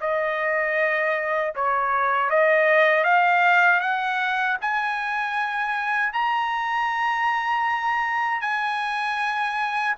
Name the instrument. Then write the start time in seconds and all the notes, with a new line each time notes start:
trumpet
0.00 D#5
1.55 C#5
2.30 D#5
3.03 F5
3.80 F#5
4.61 G#5
6.12 A#5
8.41 G#5